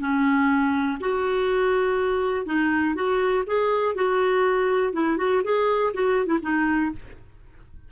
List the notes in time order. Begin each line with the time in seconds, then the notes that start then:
0.00 C#4
1.00 F#4
2.46 D#4
2.95 F#4
3.47 G#4
3.95 F#4
4.93 E4
5.18 F#4
5.44 G#4
5.94 F#4
6.26 E4
6.42 D#4